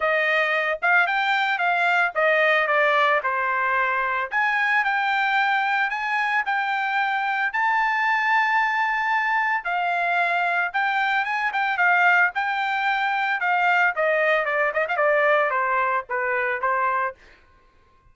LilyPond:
\new Staff \with { instrumentName = "trumpet" } { \time 4/4 \tempo 4 = 112 dis''4. f''8 g''4 f''4 | dis''4 d''4 c''2 | gis''4 g''2 gis''4 | g''2 a''2~ |
a''2 f''2 | g''4 gis''8 g''8 f''4 g''4~ | g''4 f''4 dis''4 d''8 dis''16 f''16 | d''4 c''4 b'4 c''4 | }